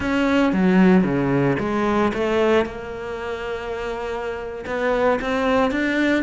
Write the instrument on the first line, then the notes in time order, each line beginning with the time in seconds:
cello
0.00 C#4
0.52 F#3
1.03 C#3
1.59 G#3
2.13 A3
2.65 A#3
4.66 B3
5.21 C4
5.71 D4